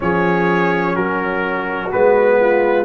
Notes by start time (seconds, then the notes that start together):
0.00 F3 C#4 G#4 C#5
0.95 F#3 F#4 A#4
1.91 G#3 B3 B4
2.40 F4